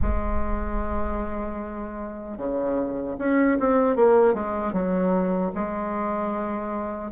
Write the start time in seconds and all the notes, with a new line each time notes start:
0.01 G#3
2.37 C#3
3.18 C#4
3.59 C4
3.96 A#3
4.33 G#3
4.72 F#3
5.54 G#3